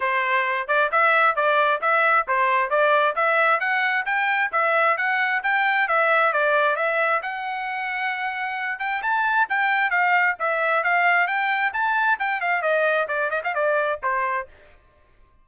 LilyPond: \new Staff \with { instrumentName = "trumpet" } { \time 4/4 \tempo 4 = 133 c''4. d''8 e''4 d''4 | e''4 c''4 d''4 e''4 | fis''4 g''4 e''4 fis''4 | g''4 e''4 d''4 e''4 |
fis''2.~ fis''8 g''8 | a''4 g''4 f''4 e''4 | f''4 g''4 a''4 g''8 f''8 | dis''4 d''8 dis''16 f''16 d''4 c''4 | }